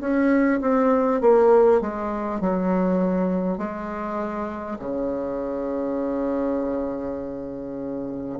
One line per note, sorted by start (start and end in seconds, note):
0.00 0.60 C#4
0.61 1.21 C4
1.21 1.81 A#3
1.81 2.41 G#3
2.41 3.58 F#3
3.58 4.78 G#3
4.79 8.39 C#3